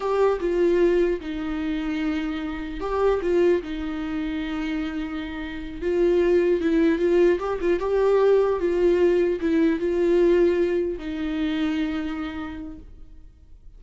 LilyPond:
\new Staff \with { instrumentName = "viola" } { \time 4/4 \tempo 4 = 150 g'4 f'2 dis'4~ | dis'2. g'4 | f'4 dis'2.~ | dis'2~ dis'8 f'4.~ |
f'8 e'4 f'4 g'8 f'8 g'8~ | g'4. f'2 e'8~ | e'8 f'2. dis'8~ | dis'1 | }